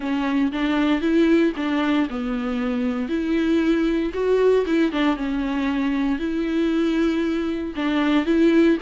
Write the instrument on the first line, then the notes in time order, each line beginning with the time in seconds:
viola
0.00 C#4
0.52 D4
1.01 E4
1.56 D4
2.09 B3
3.08 E4
4.13 F#4
4.66 E4
4.92 D4
5.16 C#4
6.18 E4
7.75 D4
8.25 E4